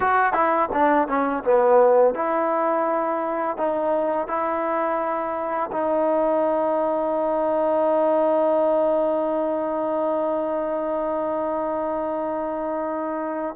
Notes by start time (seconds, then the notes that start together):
0.00 F#4
0.33 E4
0.72 D4
1.07 C#4
1.44 B3
2.14 E4
3.57 D#4
4.27 E4
5.71 D#4